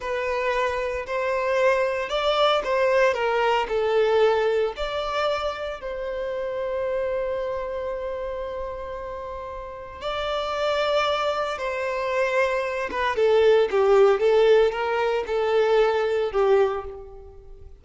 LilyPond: \new Staff \with { instrumentName = "violin" } { \time 4/4 \tempo 4 = 114 b'2 c''2 | d''4 c''4 ais'4 a'4~ | a'4 d''2 c''4~ | c''1~ |
c''2. d''4~ | d''2 c''2~ | c''8 b'8 a'4 g'4 a'4 | ais'4 a'2 g'4 | }